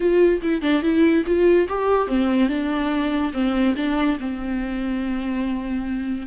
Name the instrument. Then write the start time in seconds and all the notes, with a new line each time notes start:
viola
0.00 F4
0.42 E4
0.61 D4
0.82 E4
1.26 F4
1.68 G4
2.07 C4
2.48 D4
3.33 C4
3.76 D4
4.19 C4